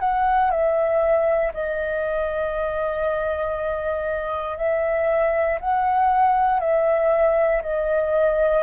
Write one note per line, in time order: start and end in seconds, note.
0.00 0.51 F#5
0.51 1.53 E5
1.53 4.58 D#5
4.58 5.59 E5
5.61 6.60 F#5
6.60 7.62 E5
7.62 8.63 D#5